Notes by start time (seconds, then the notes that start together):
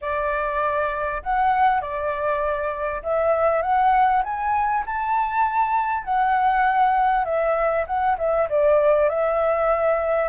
0.01 D5
1.22 F#5
1.81 D5
3.02 E5
3.62 F#5
4.23 G#5
4.86 A5
6.04 F#5
7.24 E5
7.86 F#5
8.18 E5
8.49 D5
9.09 E5